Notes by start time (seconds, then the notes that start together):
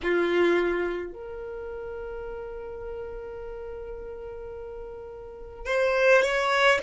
0.03 F4
1.13 A#4
5.66 C5
6.22 C#5